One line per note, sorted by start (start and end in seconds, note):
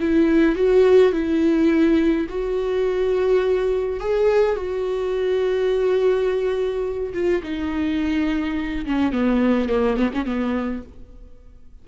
0.00 0.56 E4
0.56 1.12 F#4
1.12 2.26 E4
2.29 4.00 F#4
4.00 4.56 G#4
4.56 7.13 F#4
7.14 7.42 F4
7.43 8.85 D#4
8.86 9.12 C#4
9.12 9.69 B3
9.69 9.97 A#3
9.97 10.11 B3
10.14 10.25 C#4
10.25 10.82 B3